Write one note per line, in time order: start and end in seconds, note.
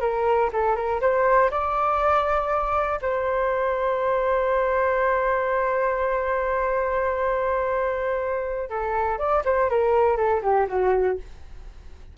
0.00 0.50 A#4
0.53 0.76 A4
0.76 1.00 A#4
1.01 1.50 C5
1.51 2.99 D5
3.02 8.69 C5
8.69 9.18 A4
9.18 9.43 D5
9.45 9.69 C5
9.70 10.17 A#4
10.17 10.41 A4
10.42 10.67 G4
10.68 11.17 F#4